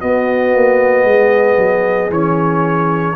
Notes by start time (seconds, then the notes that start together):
0.00 B3 F#4 D#5
0.54 A#3
1.04 G#3 G#4
1.57 F#3
2.10 E3 C#4 C#5